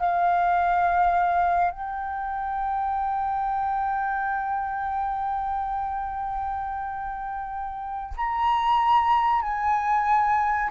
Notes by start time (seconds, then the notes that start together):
0.00 F5
1.71 G5
8.17 A#5
9.42 G#5